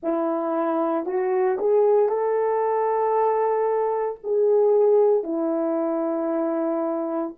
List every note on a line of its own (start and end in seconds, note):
0.02 1.05 E4
1.05 1.58 F#4
1.58 2.08 G#4
2.08 4.19 A4
4.23 5.23 G#4
5.23 7.33 E4